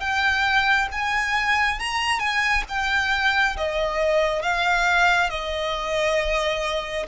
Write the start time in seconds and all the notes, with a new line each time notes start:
0.00 G5
0.91 G#5
1.79 A#5
2.19 G#5
2.68 G5
3.57 D#5
4.42 F5
5.29 D#5